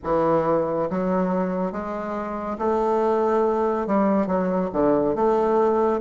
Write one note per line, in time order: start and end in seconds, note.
0.04 0.89 E3
0.90 1.71 F#3
1.71 2.57 G#3
2.58 3.86 A3
3.86 4.26 G3
4.26 4.69 F#3
4.73 5.15 D3
5.15 6.00 A3